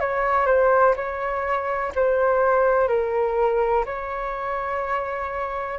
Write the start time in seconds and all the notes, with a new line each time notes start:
0.00 C#5
0.46 C5
0.96 C#5
1.95 C5
2.88 A#4
3.86 C#5